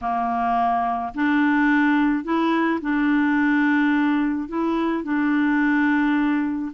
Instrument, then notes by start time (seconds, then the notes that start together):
clarinet
0.01 A#3
1.14 D4
2.24 E4
2.81 D4
4.48 E4
5.03 D4